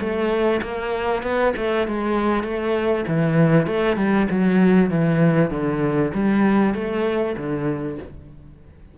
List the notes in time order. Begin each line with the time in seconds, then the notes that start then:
0.00 A3
0.62 A#3
1.23 B3
1.57 A3
1.88 G#3
2.44 A3
3.08 E3
3.67 A3
3.97 G3
4.31 F#3
4.90 E3
5.51 D3
6.14 G3
6.75 A3
7.37 D3